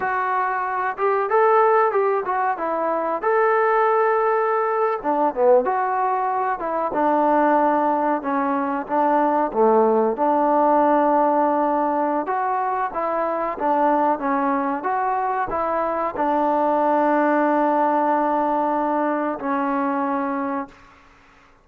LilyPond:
\new Staff \with { instrumentName = "trombone" } { \time 4/4 \tempo 4 = 93 fis'4. g'8 a'4 g'8 fis'8 | e'4 a'2~ a'8. d'16~ | d'16 b8 fis'4. e'8 d'4~ d'16~ | d'8. cis'4 d'4 a4 d'16~ |
d'2. fis'4 | e'4 d'4 cis'4 fis'4 | e'4 d'2.~ | d'2 cis'2 | }